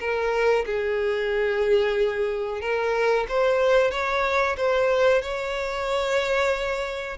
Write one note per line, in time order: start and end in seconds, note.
0.00 0.65 A#4
0.66 2.61 G#4
2.61 3.26 A#4
3.28 3.91 C5
3.91 4.56 C#5
4.57 5.22 C5
5.22 7.17 C#5